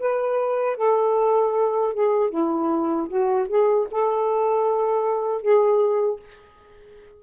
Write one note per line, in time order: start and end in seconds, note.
0.00 0.77 B4
0.77 1.94 A4
1.94 2.31 G#4
2.31 3.09 E4
3.09 3.47 F#4
3.49 3.87 G#4
3.92 5.42 A4
5.42 6.20 G#4